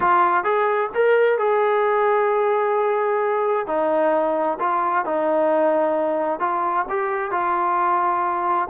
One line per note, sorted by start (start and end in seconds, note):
0.00 0.44 F4
0.44 0.90 G#4
0.94 1.38 A#4
1.38 3.66 G#4
3.66 4.58 D#4
4.59 5.05 F4
5.05 6.39 D#4
6.39 6.85 F4
6.89 7.31 G4
7.31 8.68 F4